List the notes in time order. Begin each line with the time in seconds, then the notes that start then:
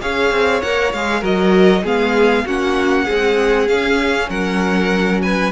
0.00 C#4 G#4 C#5 F5
0.31 C4
0.62 A#3 A#4 F#5
0.93 G#3 G#4 F5
1.20 F#3 F#4 A#4 D#5
1.83 G#3 B3 G#4 F5
2.46 A#3 C#4 F#4 F#5
3.05 G#3 C4 G#4
3.68 C#4 F5
4.29 F#3 A#4 F#5
5.22 B4 G#5